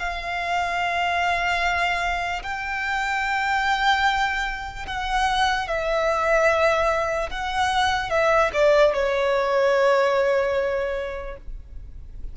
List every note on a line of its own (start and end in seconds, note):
0.00 2.43 F5
2.44 4.87 G5
4.87 5.68 F#5
5.68 7.30 E5
7.31 8.11 F#5
8.11 8.51 E5
8.54 8.94 D5
8.94 11.37 C#5